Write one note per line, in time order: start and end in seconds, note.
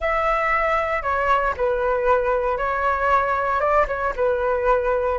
0.00 1.02 E5
1.02 1.54 C#5
1.57 2.57 B4
2.57 3.60 C#5
3.60 3.86 D5
3.87 4.13 C#5
4.16 5.18 B4